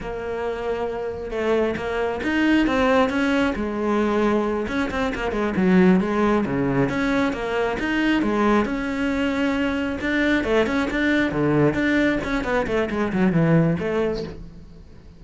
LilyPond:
\new Staff \with { instrumentName = "cello" } { \time 4/4 \tempo 4 = 135 ais2. a4 | ais4 dis'4 c'4 cis'4 | gis2~ gis8 cis'8 c'8 ais8 | gis8 fis4 gis4 cis4 cis'8~ |
cis'8 ais4 dis'4 gis4 cis'8~ | cis'2~ cis'8 d'4 a8 | cis'8 d'4 d4 d'4 cis'8 | b8 a8 gis8 fis8 e4 a4 | }